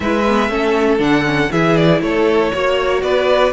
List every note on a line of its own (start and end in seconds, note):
0.00 0.49 G#3
0.00 0.24 E4
0.00 0.50 B4
0.00 1.01 E5
0.27 0.49 B3
0.49 0.99 A3
0.49 0.98 C#4
0.49 1.51 A4
0.98 1.49 D3
0.98 1.23 D4
0.98 1.52 F#5
1.24 1.49 C#4
1.51 2.01 E3
1.51 2.53 E4
1.51 2.01 G#4
1.51 1.76 E5
1.76 2.01 D5
2.01 2.51 A3
2.01 2.51 A4
2.01 3.02 C#5
2.51 3.02 A#3
2.51 3.52 F#4
2.51 3.02 C#5
3.02 3.52 B3
3.02 3.52 B4
3.02 3.52 D5